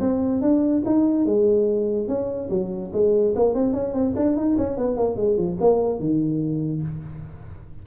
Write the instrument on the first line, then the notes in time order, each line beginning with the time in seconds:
tuba
0.00 C4
0.41 D4
0.86 D#4
1.26 G#3
2.08 C#4
2.50 F#3
2.92 G#3
3.36 A#3
3.54 C4
3.73 C#4
3.94 C4
4.16 D4
4.36 D#4
4.58 C#4
4.77 B3
4.97 A#3
5.16 G#3
5.37 F3
5.60 A#3
5.99 D#3